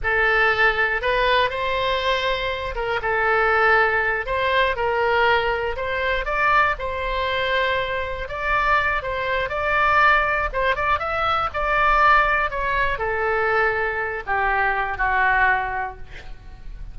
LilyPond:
\new Staff \with { instrumentName = "oboe" } { \time 4/4 \tempo 4 = 120 a'2 b'4 c''4~ | c''4. ais'8 a'2~ | a'8 c''4 ais'2 c''8~ | c''8 d''4 c''2~ c''8~ |
c''8 d''4. c''4 d''4~ | d''4 c''8 d''8 e''4 d''4~ | d''4 cis''4 a'2~ | a'8 g'4. fis'2 | }